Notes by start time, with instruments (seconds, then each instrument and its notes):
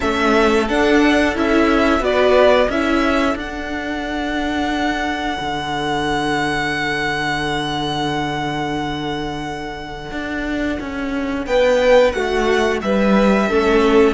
0.00 cello A3, viola C#4, violin A4 E5
0.68 viola D4, cello D4, violin F#5
1.35 cello C#4, viola E4, violin E5
2.00 cello B3, viola F#4, violin B4 D5
2.68 cello C#4, viola E4, violin A4 E5
3.34 cello D4, viola D4, violin F#5
5.40 cello D3
10.11 cello D4
10.80 cello C#4
11.46 cello B3, violin B4 G5
12.12 cello A3, violin F#4 F#5
12.81 cello G3, violin B4 E5
13.48 cello A3, viola C#4, violin A4